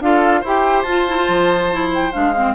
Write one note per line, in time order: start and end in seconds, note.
0.00 0.43 D4
0.00 0.45 F4
0.00 0.40 A4
0.00 0.44 F5
0.40 0.84 E4
0.40 0.87 G4
0.40 2.53 C5
0.47 0.82 G5
0.82 1.27 F4
0.82 1.08 F4
0.82 1.89 A5
1.08 1.16 E4
1.16 1.70 F4
1.28 2.13 F3
1.72 2.12 E4
1.94 2.13 G5
2.12 2.55 G#3
2.12 2.33 D4
2.12 2.55 F5
2.36 2.55 C4